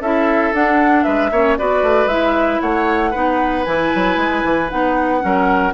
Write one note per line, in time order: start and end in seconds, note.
0.00 0.52 C#4
0.00 0.54 E4
0.00 1.04 A4
0.00 0.53 E5
0.53 1.05 D4
0.53 1.32 D4
0.53 1.03 F#5
1.03 1.31 G#3
1.03 1.30 B4
1.03 1.56 E5
1.31 1.57 A#3
1.31 1.58 C#4
1.31 1.58 C#5
1.58 1.82 B3
1.58 2.09 F#4
1.58 2.61 B4
1.58 2.08 D5
1.82 2.06 A3
2.06 2.58 G#3
2.06 3.13 E4
2.06 2.60 E5
2.61 3.14 A3
2.61 3.11 C#5
2.61 3.64 F#5
3.11 3.66 B3
3.11 3.65 D#4
3.11 5.19 B4
3.64 3.92 E3
3.64 4.70 E4
3.64 4.68 G#5
3.95 4.17 F#3
4.17 4.43 G#3
4.44 4.70 E3
4.69 5.24 B3
4.69 5.20 D#4
4.69 5.74 F#5
5.20 5.74 F#3
5.20 5.72 C#4
5.20 5.74 A#4